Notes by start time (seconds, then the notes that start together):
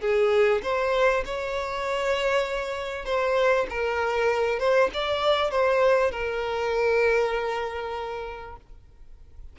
0.00 G#4
0.63 C5
1.25 C#5
3.05 C5
3.70 A#4
4.59 C5
4.93 D5
5.50 C5
6.11 A#4